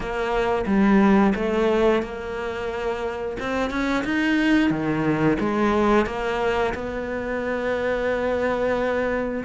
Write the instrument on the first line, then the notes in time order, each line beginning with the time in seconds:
cello
0.00 A#3
0.66 G3
1.35 A3
2.02 A#3
3.39 C4
3.70 C#4
4.04 D#4
4.70 D#3
5.39 G#3
6.06 A#3
6.74 B3